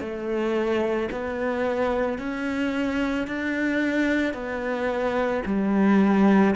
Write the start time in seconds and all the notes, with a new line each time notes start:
0.00 A3
1.12 B3
2.18 C#4
3.27 D4
4.33 B3
5.45 G3